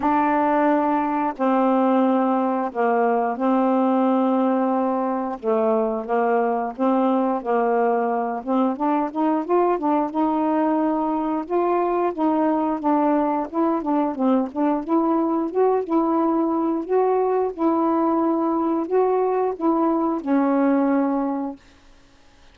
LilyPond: \new Staff \with { instrumentName = "saxophone" } { \time 4/4 \tempo 4 = 89 d'2 c'2 | ais4 c'2. | a4 ais4 c'4 ais4~ | ais8 c'8 d'8 dis'8 f'8 d'8 dis'4~ |
dis'4 f'4 dis'4 d'4 | e'8 d'8 c'8 d'8 e'4 fis'8 e'8~ | e'4 fis'4 e'2 | fis'4 e'4 cis'2 | }